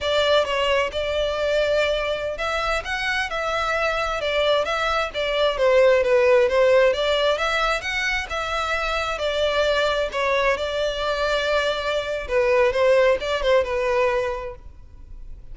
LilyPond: \new Staff \with { instrumentName = "violin" } { \time 4/4 \tempo 4 = 132 d''4 cis''4 d''2~ | d''4~ d''16 e''4 fis''4 e''8.~ | e''4~ e''16 d''4 e''4 d''8.~ | d''16 c''4 b'4 c''4 d''8.~ |
d''16 e''4 fis''4 e''4.~ e''16~ | e''16 d''2 cis''4 d''8.~ | d''2. b'4 | c''4 d''8 c''8 b'2 | }